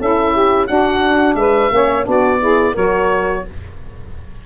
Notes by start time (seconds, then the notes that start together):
0.00 C#4 E4 A4 E5
0.33 G4
0.67 D4 F#4 F#5
1.35 G#3 B4 E5
1.71 A#3 C#4 C#5
2.04 B3 D4 F#4
2.11 D5
2.39 E4 G#4
2.74 F#3 F#4 A#4 C#5